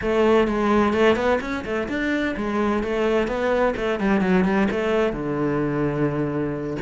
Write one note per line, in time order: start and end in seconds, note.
0.01 0.47 A3
0.47 0.93 G#3
0.93 1.15 A3
1.15 1.39 B3
1.40 1.64 C#4
1.64 1.88 A3
1.88 2.35 D4
2.36 2.83 G#3
2.83 3.27 A3
3.27 3.74 B3
3.76 3.99 A3
3.99 4.21 G3
4.21 4.44 F#3
4.44 4.67 G3
4.70 5.12 A3
5.12 6.76 D3